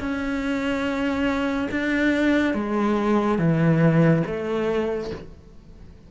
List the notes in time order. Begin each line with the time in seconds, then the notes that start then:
0.00 C#4
1.71 D4
2.54 G#3
3.39 E3
4.27 A3